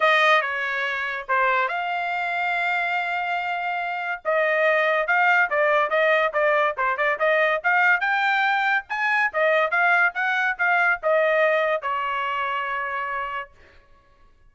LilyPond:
\new Staff \with { instrumentName = "trumpet" } { \time 4/4 \tempo 4 = 142 dis''4 cis''2 c''4 | f''1~ | f''2 dis''2 | f''4 d''4 dis''4 d''4 |
c''8 d''8 dis''4 f''4 g''4~ | g''4 gis''4 dis''4 f''4 | fis''4 f''4 dis''2 | cis''1 | }